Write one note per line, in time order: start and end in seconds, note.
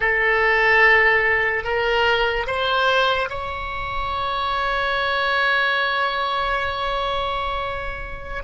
0.00 1.64 A4
1.64 2.46 A#4
2.47 3.29 C5
3.29 8.43 C#5